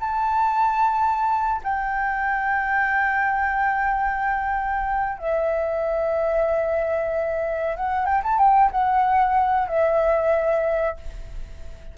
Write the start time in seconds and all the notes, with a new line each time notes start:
0.00 A5
1.63 G5
5.18 E5
7.76 F#5
8.06 G5
8.23 A5
8.38 G5
8.71 F#5
9.68 E5